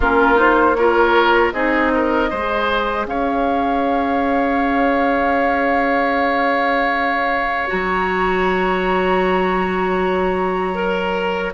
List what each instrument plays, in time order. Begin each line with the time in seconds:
0.00 bassoon A#3, clarinet C#4, oboe F4, flute A#4
0.35 clarinet D#4, flute C5
0.74 clarinet F4, oboe A#4, flute C#5
1.52 bassoon C4, clarinet D#4, oboe G#4, flute D#5
1.94 oboe A#4
2.30 bassoon G#3, clarinet G#4, oboe C5
3.06 bassoon C#4, oboe C#5, flute F5
7.67 bassoon F#3, clarinet F#4, flute A#5
10.74 clarinet A#4